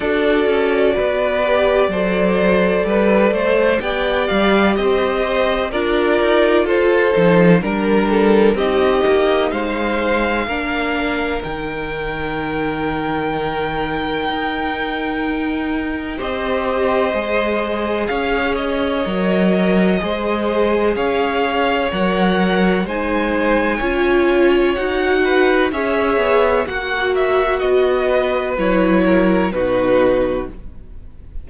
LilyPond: <<
  \new Staff \with { instrumentName = "violin" } { \time 4/4 \tempo 4 = 63 d''1 | g''8 f''8 dis''4 d''4 c''4 | ais'4 dis''4 f''2 | g''1~ |
g''4 dis''2 f''8 dis''8~ | dis''2 f''4 fis''4 | gis''2 fis''4 e''4 | fis''8 e''8 dis''4 cis''4 b'4 | }
  \new Staff \with { instrumentName = "violin" } { \time 4/4 a'4 b'4 c''4 b'8 c''8 | d''4 c''4 ais'4 a'4 | ais'8 a'8 g'4 c''4 ais'4~ | ais'1~ |
ais'4 c''2 cis''4~ | cis''4 c''4 cis''2 | c''4 cis''4. b'8 cis''4 | fis'4. b'4 ais'8 fis'4 | }
  \new Staff \with { instrumentName = "viola" } { \time 4/4 fis'4. g'8 a'2 | g'2 f'4. dis'8 | d'4 dis'2 d'4 | dis'1~ |
dis'4 g'4 gis'2 | ais'4 gis'2 ais'4 | dis'4 f'4 fis'4 gis'4 | fis'2 e'4 dis'4 | }
  \new Staff \with { instrumentName = "cello" } { \time 4/4 d'8 cis'8 b4 fis4 g8 a8 | b8 g8 c'4 d'8 dis'8 f'8 f8 | g4 c'8 ais8 gis4 ais4 | dis2. dis'4~ |
dis'4 c'4 gis4 cis'4 | fis4 gis4 cis'4 fis4 | gis4 cis'4 dis'4 cis'8 b8 | ais4 b4 fis4 b,4 | }
>>